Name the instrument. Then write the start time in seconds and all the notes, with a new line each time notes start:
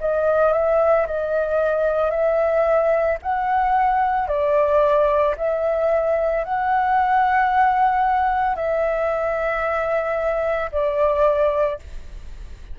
flute
0.00 D#5
0.53 E5
1.07 D#5
2.11 E5
3.22 F#5
4.28 D5
5.37 E5
6.44 F#5
8.56 E5
10.72 D5